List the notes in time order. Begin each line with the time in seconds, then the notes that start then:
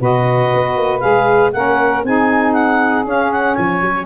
0.00 B2 F#4 B4 D#5
0.53 B3
0.77 A#3
1.00 G#3 G#4 F5
1.52 A#3 C#4 A#4 F#5
2.04 C4 D#4 G#4 G#5
2.53 F#5
3.05 C#4 F5
3.31 F#5
3.55 F3 C#5 G#5
3.81 F#3